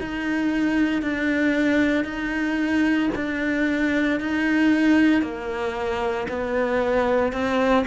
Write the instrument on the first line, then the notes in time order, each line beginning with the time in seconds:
cello
0.00 D#4
1.02 D4
2.04 D#4
3.15 D4
4.20 D#4
5.22 A#3
6.28 B3
7.32 C4